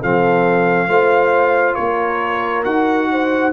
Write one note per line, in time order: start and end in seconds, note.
0.00 0.87 F3
0.00 0.89 C4
0.00 0.88 A4
0.00 1.75 F5
0.87 1.76 A3
0.87 2.65 F4
0.87 1.76 C5
1.75 2.65 A#3
1.75 3.08 A#4
1.75 2.63 C#5
2.64 3.53 D#4
2.64 3.53 F#4
2.64 3.53 F#5
3.12 3.53 C5